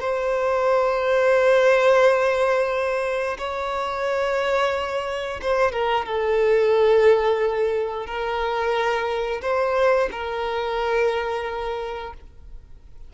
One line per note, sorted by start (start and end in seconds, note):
0.00 3.37 C5
3.38 5.40 C#5
5.41 5.72 C5
5.72 6.06 A#4
6.06 8.06 A4
8.06 9.41 A#4
9.41 10.09 C5
10.11 12.13 A#4